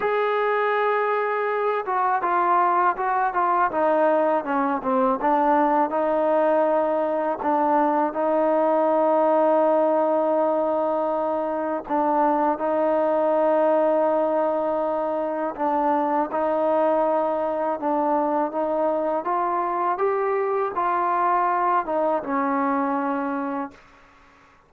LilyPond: \new Staff \with { instrumentName = "trombone" } { \time 4/4 \tempo 4 = 81 gis'2~ gis'8 fis'8 f'4 | fis'8 f'8 dis'4 cis'8 c'8 d'4 | dis'2 d'4 dis'4~ | dis'1 |
d'4 dis'2.~ | dis'4 d'4 dis'2 | d'4 dis'4 f'4 g'4 | f'4. dis'8 cis'2 | }